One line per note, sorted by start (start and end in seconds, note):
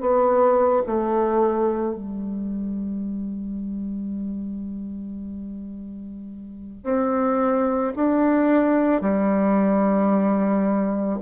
0.00 0.82 B3
0.86 1.94 A3
1.94 6.83 G3
6.83 7.92 C4
7.95 9.00 D4
9.00 11.19 G3